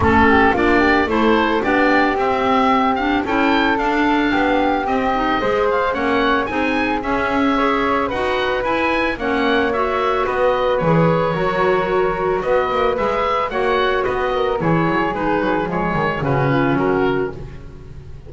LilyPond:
<<
  \new Staff \with { instrumentName = "oboe" } { \time 4/4 \tempo 4 = 111 a'4 d''4 c''4 d''4 | e''4. f''8 g''4 f''4~ | f''4 dis''4. f''8 fis''4 | gis''4 e''2 fis''4 |
gis''4 fis''4 e''4 dis''4 | cis''2. dis''4 | e''4 fis''4 dis''4 cis''4 | b'4 cis''4 b'4 ais'4 | }
  \new Staff \with { instrumentName = "flute" } { \time 4/4 a'8 g'8 f'8 g'8 a'4 g'4~ | g'2 a'2 | g'2 c''4 cis''4 | gis'2 cis''4 b'4~ |
b'4 cis''2 b'4~ | b'4 ais'2 b'4~ | b'4 cis''4 b'8 ais'8 gis'4~ | gis'2 fis'8 f'8 fis'4 | }
  \new Staff \with { instrumentName = "clarinet" } { \time 4/4 cis'4 d'4 e'4 d'4 | c'4. d'8 e'4 d'4~ | d'4 c'8 dis'8 gis'4 cis'4 | dis'4 cis'4 gis'4 fis'4 |
e'4 cis'4 fis'2 | gis'4 fis'2. | gis'4 fis'2 e'4 | dis'4 gis4 cis'2 | }
  \new Staff \with { instrumentName = "double bass" } { \time 4/4 a4 ais4 a4 b4 | c'2 cis'4 d'4 | b4 c'4 gis4 ais4 | c'4 cis'2 dis'4 |
e'4 ais2 b4 | e4 fis2 b8 ais8 | gis4 ais4 b4 e8 fis8 | gis8 fis8 f8 dis8 cis4 fis4 | }
>>